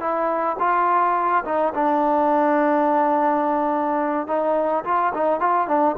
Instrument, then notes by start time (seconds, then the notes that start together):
trombone
0.00 E4
0.59 F4
1.45 D#4
1.74 D4
4.27 D#4
4.84 F4
5.14 D#4
5.40 F4
5.68 D4